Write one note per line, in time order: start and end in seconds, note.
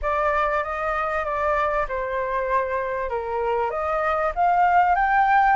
0.02 0.63 D5
0.63 1.24 D#5
1.24 1.86 D5
1.88 3.09 C5
3.09 3.70 A#4
3.70 4.32 D#5
4.35 4.95 F5
4.95 5.56 G5